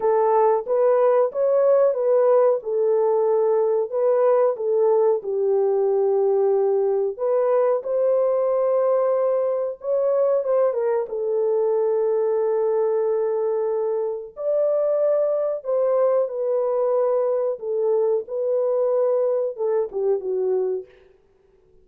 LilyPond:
\new Staff \with { instrumentName = "horn" } { \time 4/4 \tempo 4 = 92 a'4 b'4 cis''4 b'4 | a'2 b'4 a'4 | g'2. b'4 | c''2. cis''4 |
c''8 ais'8 a'2.~ | a'2 d''2 | c''4 b'2 a'4 | b'2 a'8 g'8 fis'4 | }